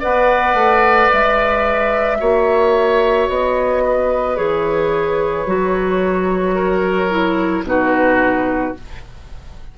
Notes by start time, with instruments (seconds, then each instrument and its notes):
0.00 bassoon B3, clarinet B4, oboe D5, flute F#5
0.54 bassoon A3
1.12 bassoon G#3, flute E5
2.18 bassoon A#3, clarinet F#4, oboe C#5
3.29 bassoon B3, flute D#5
3.84 oboe B4
4.37 bassoon E3, clarinet G#4, flute C#5
5.46 bassoon F#3, clarinet F#4
6.55 oboe A#4
7.10 clarinet E4
7.63 bassoon B2, clarinet D#4, oboe F#4, flute B4